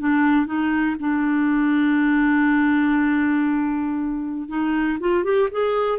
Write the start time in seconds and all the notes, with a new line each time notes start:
0.00 D4
0.46 D#4
1.00 D4
4.49 D#4
5.00 F4
5.24 G4
5.51 G#4